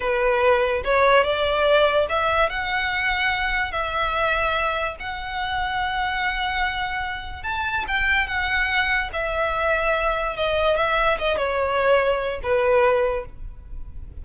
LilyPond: \new Staff \with { instrumentName = "violin" } { \time 4/4 \tempo 4 = 145 b'2 cis''4 d''4~ | d''4 e''4 fis''2~ | fis''4 e''2. | fis''1~ |
fis''2 a''4 g''4 | fis''2 e''2~ | e''4 dis''4 e''4 dis''8 cis''8~ | cis''2 b'2 | }